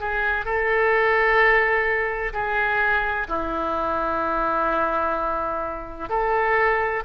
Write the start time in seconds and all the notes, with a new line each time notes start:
0.00 G#4
0.45 A4
2.33 G#4
3.28 E4
6.09 A4